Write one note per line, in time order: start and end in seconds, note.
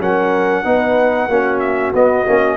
0.00 0.65 F#3
0.00 0.65 C#4
0.00 0.65 A#4
0.00 1.59 F#5
0.65 1.28 B3
0.65 1.29 D#4
0.65 1.30 B4
1.28 1.92 A#3
1.28 1.94 C#4
1.28 2.57 F#4
1.59 1.92 E5
1.94 2.26 B3
1.94 2.57 D#5
2.26 2.57 A#3
2.26 2.57 C#4